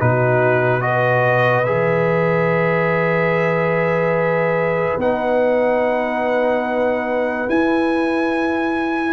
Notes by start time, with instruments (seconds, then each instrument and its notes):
0.00 tuba B2, trombone D#4, horn F#4, trumpet B4
0.81 trombone F#4, horn B4, trumpet D#5
1.65 tuba E3, trombone G#4, trumpet E5
4.98 tuba B3, trombone D#4, trumpet F#5
7.48 trombone E4, tuba E4, trumpet G#5